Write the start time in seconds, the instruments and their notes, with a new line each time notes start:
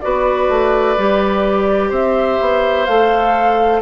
0.00 bassoon B3, clarinet F#4, oboe B4, flute D5
0.48 bassoon A3
0.97 bassoon G3, clarinet G4
1.89 bassoon C4, oboe C5, flute E5
2.40 bassoon B3
2.85 bassoon A3, clarinet A4, flute F5